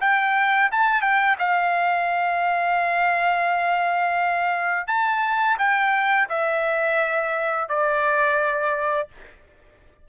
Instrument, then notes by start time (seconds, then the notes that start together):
trumpet
0.00 G5
0.71 A5
1.01 G5
1.39 F5
4.87 A5
5.58 G5
6.29 E5
7.68 D5